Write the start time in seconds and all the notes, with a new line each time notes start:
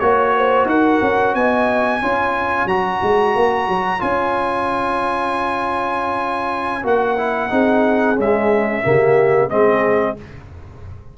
0.00 A#3 F#4 C#5
0.37 C5
0.66 D#4 A#4 F#5
1.02 C#4
1.35 B3 D#5 G#5
2.02 C#4 F4 C#5
2.66 F#3 F#4 A#5
3.03 G#3
3.35 A#3
3.68 F#3
3.99 C#4 F4 G#5
6.83 A#3 F#4 F#5
7.18 E4
7.50 C4 D#4 G#4
8.16 G#3 C#4 E5
8.84 C#3 A#3 G4
9.50 G#3 C4 G#4 D#5